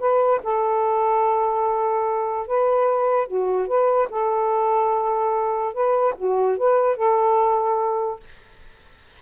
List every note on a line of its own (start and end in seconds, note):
0.00 0.41 B4
0.44 2.48 A4
2.48 3.28 B4
3.28 3.68 F#4
3.68 4.09 B4
4.10 5.74 A4
5.74 6.15 B4
6.18 6.58 F#4
6.58 6.97 B4
6.97 8.20 A4